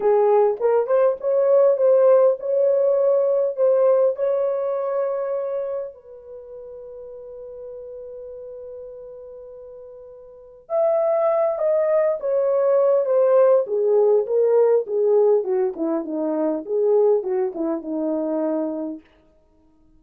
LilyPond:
\new Staff \with { instrumentName = "horn" } { \time 4/4 \tempo 4 = 101 gis'4 ais'8 c''8 cis''4 c''4 | cis''2 c''4 cis''4~ | cis''2 b'2~ | b'1~ |
b'2 e''4. dis''8~ | dis''8 cis''4. c''4 gis'4 | ais'4 gis'4 fis'8 e'8 dis'4 | gis'4 fis'8 e'8 dis'2 | }